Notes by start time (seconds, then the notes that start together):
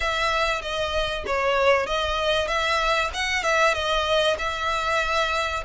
0.00 E5
0.61 D#5
1.26 C#5
1.86 D#5
2.47 E5
3.13 F#5
3.43 E5
3.74 D#5
4.38 E5